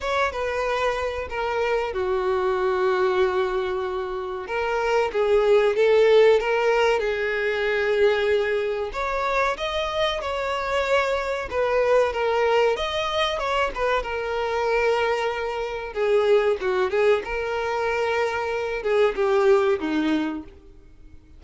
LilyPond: \new Staff \with { instrumentName = "violin" } { \time 4/4 \tempo 4 = 94 cis''8 b'4. ais'4 fis'4~ | fis'2. ais'4 | gis'4 a'4 ais'4 gis'4~ | gis'2 cis''4 dis''4 |
cis''2 b'4 ais'4 | dis''4 cis''8 b'8 ais'2~ | ais'4 gis'4 fis'8 gis'8 ais'4~ | ais'4. gis'8 g'4 dis'4 | }